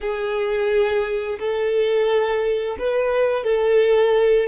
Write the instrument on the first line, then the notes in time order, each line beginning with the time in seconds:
violin
0.01 G#4
1.39 A4
2.79 B4
3.44 A4